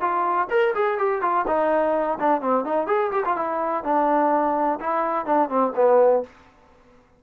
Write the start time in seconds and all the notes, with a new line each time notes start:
0.00 F4
0.50 A#4
0.74 G#4
0.98 G4
1.21 F4
1.47 D#4
2.19 D4
2.41 C4
2.65 D#4
2.86 G#4
3.11 G4
3.25 F4
3.36 E4
3.84 D4
4.79 E4
5.25 D4
5.49 C4
5.75 B3